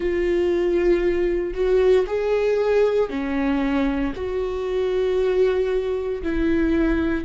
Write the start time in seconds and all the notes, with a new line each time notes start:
0.00 F4
1.53 F#4
2.06 G#4
3.09 C#4
4.15 F#4
6.23 E4